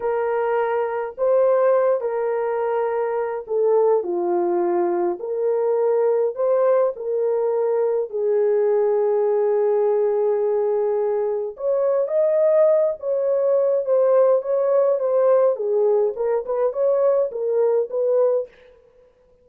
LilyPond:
\new Staff \with { instrumentName = "horn" } { \time 4/4 \tempo 4 = 104 ais'2 c''4. ais'8~ | ais'2 a'4 f'4~ | f'4 ais'2 c''4 | ais'2 gis'2~ |
gis'1 | cis''4 dis''4. cis''4. | c''4 cis''4 c''4 gis'4 | ais'8 b'8 cis''4 ais'4 b'4 | }